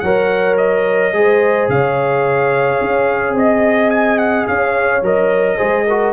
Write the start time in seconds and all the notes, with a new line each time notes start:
0.00 F#3 A#4 C#5 F#5
0.58 D#5
1.13 G#3 G#4 C5
1.69 C#3 C#5 F5
2.81 C#4
3.34 C4 D#5
3.91 G#5
4.18 F#5
4.47 C#4 C#5 F5
5.02 F#3 A#4 D#5
5.57 G#3 G#4 C5
5.87 F#4 A#4